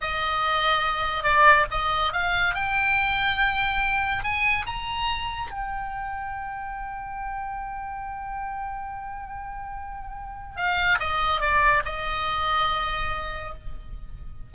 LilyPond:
\new Staff \with { instrumentName = "oboe" } { \time 4/4 \tempo 4 = 142 dis''2. d''4 | dis''4 f''4 g''2~ | g''2 gis''4 ais''4~ | ais''4 g''2.~ |
g''1~ | g''1~ | g''4 f''4 dis''4 d''4 | dis''1 | }